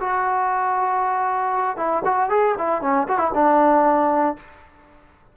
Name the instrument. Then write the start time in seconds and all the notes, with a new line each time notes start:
trombone
0.00 F#4
1.77 E4
2.05 F#4
2.30 G#4
2.58 E4
2.82 C#4
3.08 F#4
3.18 E4
3.34 D4